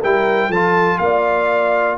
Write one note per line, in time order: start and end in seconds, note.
0.00 0.49 G3
0.00 0.53 E4
0.00 0.49 A#4
0.00 0.52 G5
0.49 0.98 F3
0.49 1.98 F4
0.49 0.98 A4
0.49 0.98 A5
0.98 1.98 A#3
0.98 1.98 D5
0.98 1.97 F5